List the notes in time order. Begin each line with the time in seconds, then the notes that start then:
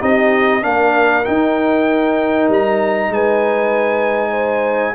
0.00 C4 D#4 G4 D#5
0.61 A#3 D4 A#4 F5
1.24 D#4 G5
2.49 G3 A#5
3.09 G#3 B4 G#5
4.30 C5